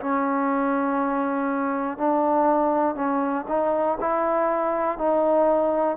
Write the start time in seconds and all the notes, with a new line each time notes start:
0.00 C#4
1.98 D4
2.95 C#4
3.49 D#4
4.01 E4
4.99 D#4